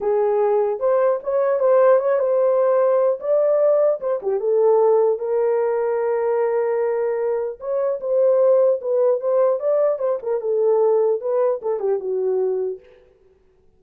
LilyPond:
\new Staff \with { instrumentName = "horn" } { \time 4/4 \tempo 4 = 150 gis'2 c''4 cis''4 | c''4 cis''8 c''2~ c''8 | d''2 c''8 g'8 a'4~ | a'4 ais'2.~ |
ais'2. cis''4 | c''2 b'4 c''4 | d''4 c''8 ais'8 a'2 | b'4 a'8 g'8 fis'2 | }